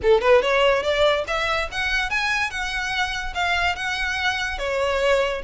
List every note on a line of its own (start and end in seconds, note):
0.02 0.21 A4
0.21 0.41 B4
0.42 0.83 C#5
0.83 1.24 D5
1.27 1.68 E5
1.71 2.10 F#5
2.10 2.50 G#5
2.50 3.33 F#5
3.34 3.75 F5
3.75 4.58 F#5
4.58 5.41 C#5